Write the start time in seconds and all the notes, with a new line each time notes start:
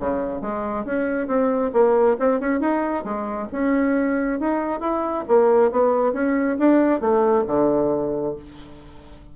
0.00 C#3
0.42 G#3
0.85 C#4
1.28 C4
1.73 A#3
2.20 C4
2.40 C#4
2.61 D#4
3.04 G#3
3.52 C#4
4.40 D#4
4.81 E4
5.28 A#3
5.72 B3
6.13 C#4
6.59 D4
7.01 A3
7.47 D3